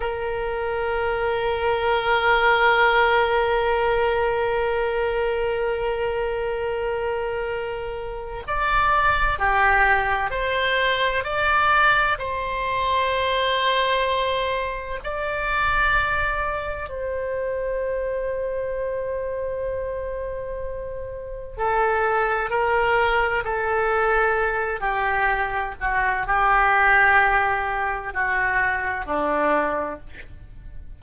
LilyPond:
\new Staff \with { instrumentName = "oboe" } { \time 4/4 \tempo 4 = 64 ais'1~ | ais'1~ | ais'4 d''4 g'4 c''4 | d''4 c''2. |
d''2 c''2~ | c''2. a'4 | ais'4 a'4. g'4 fis'8 | g'2 fis'4 d'4 | }